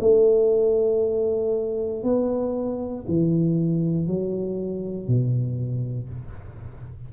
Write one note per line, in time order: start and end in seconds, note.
0.00 2.03 A3
2.03 3.05 B3
3.08 4.07 E3
4.07 5.08 F#3
5.08 6.09 B2